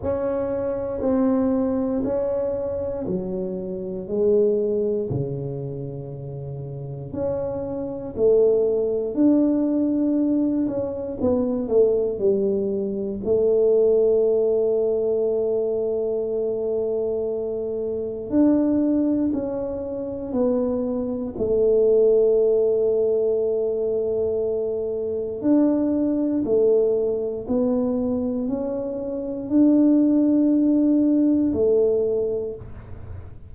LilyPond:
\new Staff \with { instrumentName = "tuba" } { \time 4/4 \tempo 4 = 59 cis'4 c'4 cis'4 fis4 | gis4 cis2 cis'4 | a4 d'4. cis'8 b8 a8 | g4 a2.~ |
a2 d'4 cis'4 | b4 a2.~ | a4 d'4 a4 b4 | cis'4 d'2 a4 | }